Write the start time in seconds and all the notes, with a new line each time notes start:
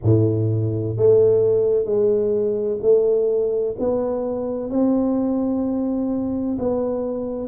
0.03 A2
0.96 A3
1.85 G#3
2.81 A3
3.79 B3
4.70 C4
6.58 B3